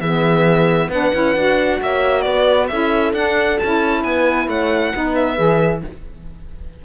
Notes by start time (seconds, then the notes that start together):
0.00 E3 B3 G#4 E5
0.88 B3 D4 B4 F#5
1.14 C#4 E4
1.36 D4 F#4
1.81 A#3 C#5 E5
2.21 B3 B4 D5
2.68 C#4 E4 A4 E5
3.13 D4 F#5
3.58 C#4 E4 A5
4.03 B3 B4 G#5
4.47 A3 C#5 F#5
4.93 B3 D#4 B4
5.15 E5
5.37 E3 G#4